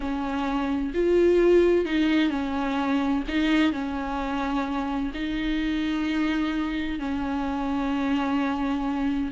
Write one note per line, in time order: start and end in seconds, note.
0.00 0.92 C#4
0.93 1.85 F4
1.85 2.30 D#4
2.30 3.23 C#4
3.27 3.72 D#4
3.72 5.11 C#4
5.14 6.99 D#4
6.99 9.31 C#4